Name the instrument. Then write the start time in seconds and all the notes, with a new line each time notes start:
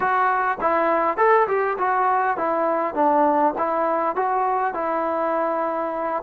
trombone
0.00 F#4
0.60 E4
1.17 A4
1.47 G4
1.78 F#4
2.37 E4
2.94 D4
3.58 E4
4.15 F#4
4.74 E4